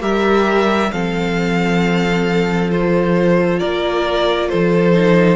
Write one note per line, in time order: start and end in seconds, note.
0.00 0.91 G3
0.00 0.90 G4
0.00 0.91 A#4
0.00 0.91 E5
0.91 3.61 F3
0.91 2.70 C4
0.91 3.59 A4
0.91 2.70 F5
2.70 4.93 F4
2.70 3.59 C5
3.59 4.52 A#3
3.59 4.49 A#4
3.59 4.49 D5
4.49 5.36 F3
4.49 5.36 A4
4.49 5.36 C5
4.93 5.36 D#4